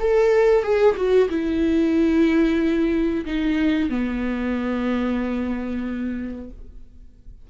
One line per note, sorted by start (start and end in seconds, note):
0.00 0.63 A4
0.63 0.96 G#4
0.96 1.29 F#4
1.29 3.25 E4
3.25 3.89 D#4
3.89 6.50 B3